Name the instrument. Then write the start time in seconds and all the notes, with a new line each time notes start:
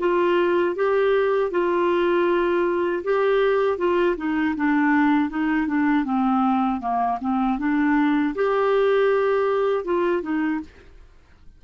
clarinet
0.00 F4
0.76 G4
1.52 F4
3.04 G4
3.78 F4
4.18 D#4
4.57 D4
5.30 D#4
5.68 D4
6.05 C4
6.81 A#3
7.22 C4
7.59 D4
8.36 G4
9.85 F4
10.23 D#4